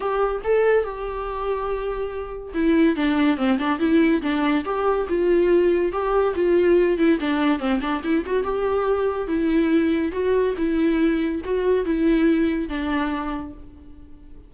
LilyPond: \new Staff \with { instrumentName = "viola" } { \time 4/4 \tempo 4 = 142 g'4 a'4 g'2~ | g'2 e'4 d'4 | c'8 d'8 e'4 d'4 g'4 | f'2 g'4 f'4~ |
f'8 e'8 d'4 c'8 d'8 e'8 fis'8 | g'2 e'2 | fis'4 e'2 fis'4 | e'2 d'2 | }